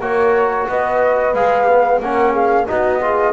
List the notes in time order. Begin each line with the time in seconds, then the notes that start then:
0.00 A#3 F#4 A#4 C#5
0.68 B3 B4 D#5
1.33 G#3 G#4 F5
1.68 B3
1.99 A#3 C#4 A#4 F#5
2.32 G#4 F5
2.67 B3 D#4 F#4 D#5
3.01 F4 G#4